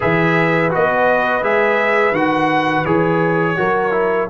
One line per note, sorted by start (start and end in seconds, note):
0.00 0.74 E3
0.00 0.70 G#4
0.00 3.55 B4
0.00 0.72 E5
0.70 1.42 B3
0.70 1.42 F#4
0.70 1.43 D#5
1.42 2.11 G#3
1.42 2.14 G#4
1.42 2.14 E5
2.11 2.83 D#3
2.11 2.85 F#4
2.11 2.85 F#5
2.85 3.57 E3
2.85 3.56 G#4
2.85 4.28 C#5
3.56 4.29 F#3
3.56 3.91 F#4
3.56 4.29 A#4
3.91 4.27 E4